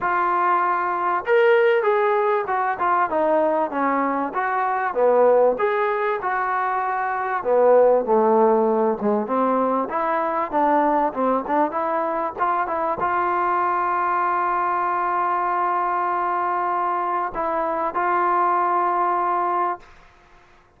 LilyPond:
\new Staff \with { instrumentName = "trombone" } { \time 4/4 \tempo 4 = 97 f'2 ais'4 gis'4 | fis'8 f'8 dis'4 cis'4 fis'4 | b4 gis'4 fis'2 | b4 a4. gis8 c'4 |
e'4 d'4 c'8 d'8 e'4 | f'8 e'8 f'2.~ | f'1 | e'4 f'2. | }